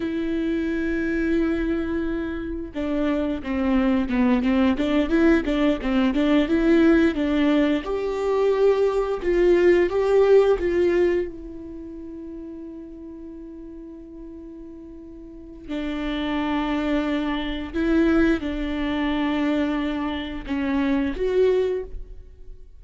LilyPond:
\new Staff \with { instrumentName = "viola" } { \time 4/4 \tempo 4 = 88 e'1 | d'4 c'4 b8 c'8 d'8 e'8 | d'8 c'8 d'8 e'4 d'4 g'8~ | g'4. f'4 g'4 f'8~ |
f'8 e'2.~ e'8~ | e'2. d'4~ | d'2 e'4 d'4~ | d'2 cis'4 fis'4 | }